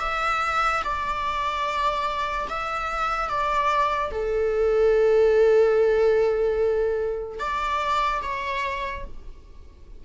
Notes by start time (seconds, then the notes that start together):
0.00 E5
0.84 D5
2.49 E5
3.29 D5
4.11 A4
7.39 D5
8.22 C#5